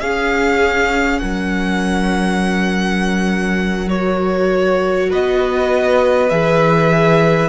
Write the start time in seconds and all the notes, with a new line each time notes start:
0.00 C#4 G#4 F5
1.19 F#3 A#4 F#5
3.88 F#4 C#5
5.10 B3 B4 D#5
6.30 E3 G#4 E5